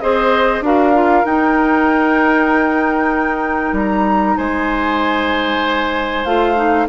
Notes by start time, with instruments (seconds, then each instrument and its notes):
0.00 bassoon C4, clarinet G#4, oboe C5, flute D#5
0.61 bassoon D4, clarinet F#4, oboe A#4, flute F5
0.93 clarinet F4
1.24 clarinet D#4, bassoon D#4, flute G5
3.73 bassoon G3, flute A#5
4.37 bassoon G#3, oboe C5, flute G#5
6.24 bassoon A3, clarinet F4, flute F5
6.55 clarinet D#4